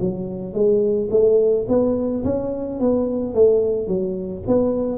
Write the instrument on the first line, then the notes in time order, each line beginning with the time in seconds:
tuba
0.00 F#3
0.53 G#3
1.11 A3
1.68 B3
2.24 C#4
2.80 B3
3.34 A3
3.87 F#3
4.46 B3